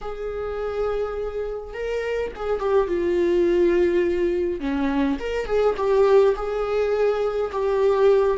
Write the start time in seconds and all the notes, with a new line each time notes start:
0.01 G#4
1.73 A#4
2.35 G#4
2.59 G4
2.87 F4
4.60 C#4
5.19 A#4
5.46 G#4
5.77 G4
6.35 G#4
7.52 G4